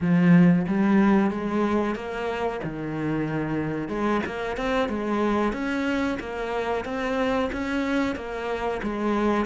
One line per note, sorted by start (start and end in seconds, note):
0.01 0.66 F3
0.67 1.30 G3
1.30 1.95 G#3
1.95 2.60 A#3
2.63 3.88 D#3
3.88 4.21 G#3
4.25 4.57 A#3
4.57 4.89 C4
4.89 5.53 G#3
5.53 6.18 C#4
6.19 6.84 A#3
6.84 7.50 C4
7.52 8.15 C#4
8.15 8.80 A#3
8.83 9.45 G#3